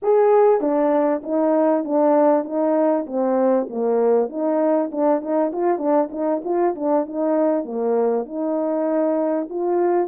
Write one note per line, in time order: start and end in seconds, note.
0.02 0.60 G#4
0.60 1.22 D4
1.23 1.84 D#4
1.84 2.44 D4
2.44 3.05 D#4
3.06 3.67 C4
3.69 4.29 A#3
4.29 4.90 D#4
4.91 5.21 D4
5.21 5.51 D#4
5.52 5.78 F4
5.78 6.09 D4
6.11 6.41 D#4
6.44 6.75 F4
6.75 7.05 D4
7.06 7.64 D#4
7.64 8.25 A#3
8.25 9.48 D#4
9.49 10.07 F4